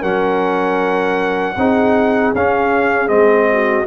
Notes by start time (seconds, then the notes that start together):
0.00 F#3 C#4 A#4 F#5
1.57 C4 D#4 G#4
2.34 C#4 F5
3.08 G#3 C4 D#5
3.51 F#4